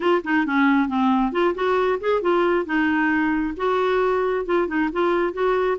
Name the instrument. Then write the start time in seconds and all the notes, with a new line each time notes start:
clarinet
0.00 F4
0.24 D#4
0.46 C#4
0.88 C4
1.32 F4
1.54 F#4
2.00 G#4
2.21 F4
2.65 D#4
3.56 F#4
4.45 F4
4.67 D#4
4.92 F4
5.33 F#4